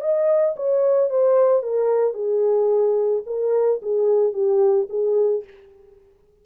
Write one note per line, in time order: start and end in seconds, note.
0.00 0.55 D#5
0.56 1.09 C#5
1.09 1.62 C5
1.62 2.13 A#4
2.13 3.22 G#4
3.26 3.80 A#4
3.82 4.33 G#4
4.33 4.87 G4
4.89 5.43 G#4